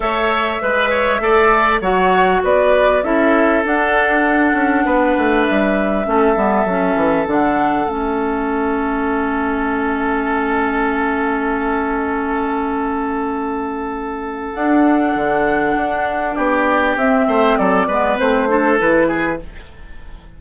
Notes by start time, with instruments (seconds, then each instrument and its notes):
0.00 bassoon A3, clarinet A4, oboe C#5, flute E5
0.60 bassoon G#3, clarinet B4, oboe B4
0.90 oboe C#5
1.19 bassoon A3, clarinet A4, oboe D5
1.80 bassoon F#3, clarinet F#4, oboe C#5, flute F#5
2.43 bassoon B3, oboe B4, flute D5
3.03 bassoon C#4, clarinet E4, oboe A4, flute E5
3.64 clarinet D4, bassoon D4, flute F#5
4.53 bassoon C#4
4.85 bassoon B3, oboe B4
5.17 bassoon A3
5.44 bassoon G3, flute E5
6.04 bassoon A3, clarinet C#4, oboe A4
6.35 bassoon G3, clarinet B3
6.65 bassoon F#3, clarinet C#4
6.95 bassoon E3
7.27 bassoon D3, clarinet D4, flute F#5
7.85 bassoon A3, clarinet C#4, flute E5
14.53 bassoon D4, clarinet D4, flute F#5
15.15 bassoon D3
15.76 bassoon D4
16.35 bassoon B3, oboe G4, flute D5
16.95 bassoon C4, clarinet C4, flute E5
17.27 bassoon A3, oboe C5
17.57 bassoon F#3, oboe A4, flute D5
17.87 bassoon G#3, clarinet B3, oboe B4
18.18 bassoon A3, clarinet C4, flute C5
18.48 clarinet D4, oboe A4
18.78 bassoon E3, clarinet E4, flute B4
19.07 oboe G#4